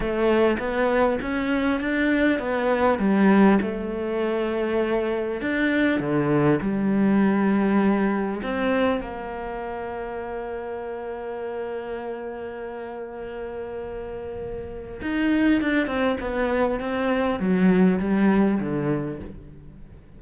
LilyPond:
\new Staff \with { instrumentName = "cello" } { \time 4/4 \tempo 4 = 100 a4 b4 cis'4 d'4 | b4 g4 a2~ | a4 d'4 d4 g4~ | g2 c'4 ais4~ |
ais1~ | ais1~ | ais4 dis'4 d'8 c'8 b4 | c'4 fis4 g4 d4 | }